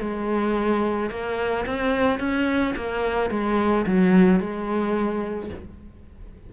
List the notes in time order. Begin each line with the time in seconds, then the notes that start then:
0.00 G#3
1.10 A#3
1.66 C4
2.19 C#4
2.75 A#3
3.30 G#3
3.86 F#3
4.39 G#3